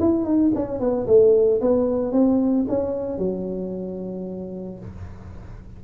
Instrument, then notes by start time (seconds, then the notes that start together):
tuba
0.00 E4
0.25 D#4
0.55 C#4
0.80 B3
1.07 A3
1.61 B3
2.13 C4
2.69 C#4
3.19 F#3